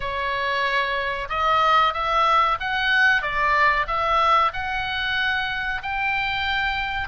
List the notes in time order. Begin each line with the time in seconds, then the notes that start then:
0.00 C#5
1.29 D#5
1.93 E5
2.60 F#5
3.21 D5
3.87 E5
4.53 F#5
5.82 G5